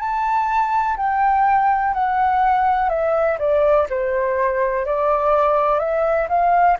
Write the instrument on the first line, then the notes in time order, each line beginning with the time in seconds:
flute
0.00 A5
0.98 G5
1.94 F#5
2.89 E5
3.40 D5
3.90 C5
4.86 D5
5.80 E5
6.29 F5